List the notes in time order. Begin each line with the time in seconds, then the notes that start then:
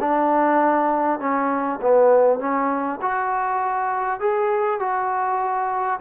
0.00 D4
1.19 C#4
1.81 B3
2.39 C#4
3.02 F#4
4.20 G#4
4.79 F#4